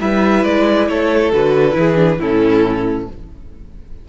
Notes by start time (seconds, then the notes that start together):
0.00 G3 E4 B4 E5
0.44 G#3 D5
0.88 A3 A4 C#5
1.32 D3 F#4 B4
1.72 E3 E4
1.78 G#4
1.95 D4
2.19 A2 C#4 E4 A4